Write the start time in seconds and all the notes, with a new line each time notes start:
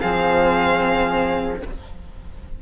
0.00 F3 C4 G#4 F5